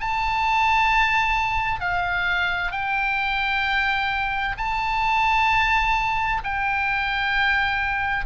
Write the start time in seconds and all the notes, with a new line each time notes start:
0.00 A5
1.80 F5
2.71 G5
4.57 A5
6.44 G5